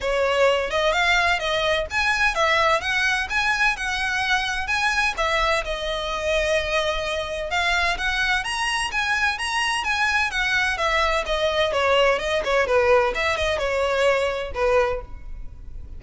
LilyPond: \new Staff \with { instrumentName = "violin" } { \time 4/4 \tempo 4 = 128 cis''4. dis''8 f''4 dis''4 | gis''4 e''4 fis''4 gis''4 | fis''2 gis''4 e''4 | dis''1 |
f''4 fis''4 ais''4 gis''4 | ais''4 gis''4 fis''4 e''4 | dis''4 cis''4 dis''8 cis''8 b'4 | e''8 dis''8 cis''2 b'4 | }